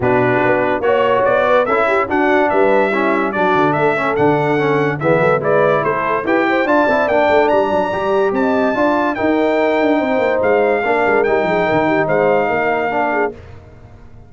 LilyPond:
<<
  \new Staff \with { instrumentName = "trumpet" } { \time 4/4 \tempo 4 = 144 b'2 cis''4 d''4 | e''4 fis''4 e''2 | d''4 e''4 fis''2 | e''4 d''4 c''4 g''4 |
a''4 g''4 ais''2 | a''2 g''2~ | g''4 f''2 g''4~ | g''4 f''2. | }
  \new Staff \with { instrumentName = "horn" } { \time 4/4 fis'2 cis''4. b'8 | a'8 g'8 fis'4 b'4 e'4 | fis'4 a'2. | gis'8 a'8 b'4 a'4 b'8 c''8 |
d''1 | dis''4 d''4 ais'2 | c''2 ais'4. gis'8 | ais'8 g'8 c''4 ais'4. gis'8 | }
  \new Staff \with { instrumentName = "trombone" } { \time 4/4 d'2 fis'2 | e'4 d'2 cis'4 | d'4. cis'8 d'4 cis'4 | b4 e'2 g'4 |
f'8 e'8 d'2 g'4~ | g'4 f'4 dis'2~ | dis'2 d'4 dis'4~ | dis'2. d'4 | }
  \new Staff \with { instrumentName = "tuba" } { \time 4/4 b,4 b4 ais4 b4 | cis'4 d'4 g2 | fis8 d8 a4 d2 | e8 fis8 gis4 a4 e'4 |
d'8 c'8 ais8 a8 g8 fis8 g4 | c'4 d'4 dis'4. d'8 | c'8 ais8 gis4 ais8 gis8 g8 f8 | dis4 gis4 ais2 | }
>>